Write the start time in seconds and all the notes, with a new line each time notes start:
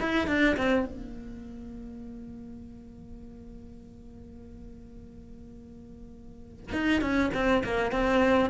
0.00 E4
0.27 D4
0.57 C4
0.86 A#3
6.72 D#4
7.01 C#4
7.34 C4
7.64 A#3
7.92 C4